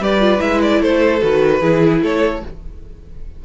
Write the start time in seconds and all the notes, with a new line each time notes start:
0.00 G3 G4 B4 D5
0.21 F4
0.39 G#3 E4 E5
0.62 D5
0.82 A3 A4 C5
1.22 D#3 F#4 B4
1.61 E3 E4 G#4
2.02 A3 A4 C#5